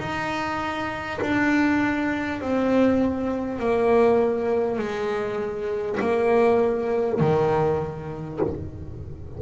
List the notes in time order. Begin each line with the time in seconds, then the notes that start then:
0.00 D#4
1.21 D4
2.41 C4
3.59 A#3
4.78 G#3
6.01 A#3
7.21 D#3